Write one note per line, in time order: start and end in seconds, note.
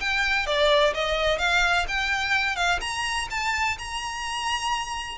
0.00 0.46 G5
0.46 0.94 D5
0.94 1.39 D#5
1.39 1.86 F5
1.88 2.56 G5
2.56 2.80 F5
2.81 3.28 A#5
3.30 3.78 A5
3.78 5.18 A#5